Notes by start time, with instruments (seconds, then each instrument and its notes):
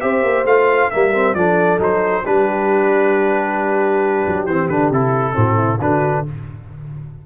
0.00 tuba C4, trombone G4, horn C5, trumpet E5
0.22 tuba A#3
0.44 tuba A3, trombone F4, trumpet F5
0.90 tuba G3, trombone A#3, horn A#4, trumpet E5
1.13 trombone C4
1.34 tuba F3, trombone D4, horn A4, trumpet D5
1.78 tuba F#3, trombone D#4, trumpet C5
2.23 tuba G3, trombone D4, horn G4, trumpet B4
4.26 tuba F#3
4.45 tuba E3, trombone C4, trumpet C5
4.68 tuba D3, trombone D4, trumpet B4
4.90 tuba C3, trombone E4, trumpet A4
5.33 tuba A2, trombone C4, horn F#4
5.57 horn E4
5.80 tuba D3, trombone D4, horn F#4, trumpet B4